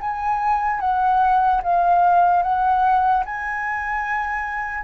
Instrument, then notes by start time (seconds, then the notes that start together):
flute
0.00 G#5
0.80 F#5
1.63 F5
2.43 F#5
3.25 G#5